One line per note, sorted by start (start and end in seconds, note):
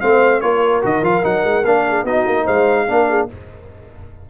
0.00 0.42 A3
0.00 0.42 C4
0.00 0.42 C5
0.00 0.41 F5
0.41 0.83 A#3
0.41 0.82 F4
0.41 1.86 A#4
0.41 0.81 C#5
0.82 1.01 D#3
0.82 1.02 F#4
0.82 1.04 D#5
1.01 1.22 F3
1.01 1.22 F4
1.01 1.25 F5
1.22 1.44 F#3
1.22 1.63 D#4
1.22 1.65 F#5
1.44 1.64 G#3
1.64 2.03 A#3
1.64 2.06 D4
1.64 2.05 F5
1.88 2.04 G#4
2.03 2.24 B3
2.03 2.87 D#4
2.03 2.44 F#4
2.03 2.47 D#5
2.26 2.47 A#3
2.44 2.88 G#3
2.44 2.85 C5
2.44 3.28 F5
2.87 3.29 A#3
2.87 3.28 D4
2.87 3.08 A#4
3.09 3.29 G#4